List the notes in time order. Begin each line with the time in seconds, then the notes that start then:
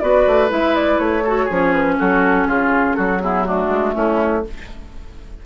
0.00 B3 F#4 B4 D5
0.27 A3
0.49 G#3 E4 E5
0.76 D5
0.99 A3 C#5
1.24 F#4 A4
1.45 F3 C#4 G#4
1.73 B4
1.99 F#3 F#4 A4
2.47 C#3 F4 G#4
2.95 F#3 F#4 A4
3.21 B3 E4 G#4
3.44 A3 D4 F#4
3.69 G#3
3.95 A3 C#4 E4